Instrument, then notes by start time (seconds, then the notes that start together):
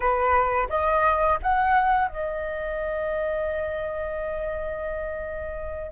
flute
0.00 B4
0.69 D#5
1.42 F#5
2.08 D#5